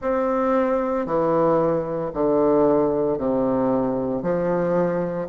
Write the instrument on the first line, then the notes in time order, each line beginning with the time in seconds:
bassoon
0.01 C4
1.06 E3
2.13 D3
3.18 C3
4.22 F3